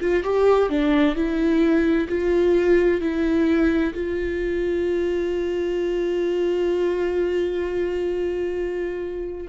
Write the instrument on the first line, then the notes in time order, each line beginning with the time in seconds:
viola
0.00 F4
0.23 G4
0.69 D4
1.15 E4
2.08 F4
3.00 E4
3.94 F4